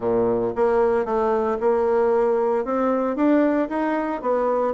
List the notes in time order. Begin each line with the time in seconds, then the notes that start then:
0.00 A#2
0.55 A#3
1.05 A3
1.60 A#3
2.64 C4
3.16 D4
3.69 D#4
4.21 B3